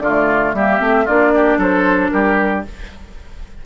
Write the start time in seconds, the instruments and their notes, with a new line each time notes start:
0.00 bassoon D3, clarinet A3, oboe F4, flute D5
0.54 bassoon G3, clarinet A#3, oboe G4, flute E5
0.80 bassoon A3, clarinet C4
1.05 bassoon A#3, clarinet D4, oboe F4, flute D5
1.36 oboe G4
1.58 bassoon F#3, oboe A4, flute C5
2.10 bassoon G3, oboe G4, flute A#4